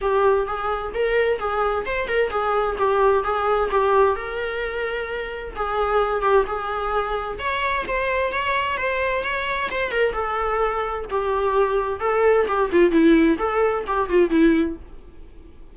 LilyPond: \new Staff \with { instrumentName = "viola" } { \time 4/4 \tempo 4 = 130 g'4 gis'4 ais'4 gis'4 | c''8 ais'8 gis'4 g'4 gis'4 | g'4 ais'2. | gis'4. g'8 gis'2 |
cis''4 c''4 cis''4 c''4 | cis''4 c''8 ais'8 a'2 | g'2 a'4 g'8 f'8 | e'4 a'4 g'8 f'8 e'4 | }